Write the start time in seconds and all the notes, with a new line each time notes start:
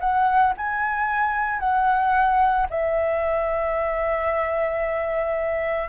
0.00 F#5
0.57 G#5
1.59 F#5
2.70 E5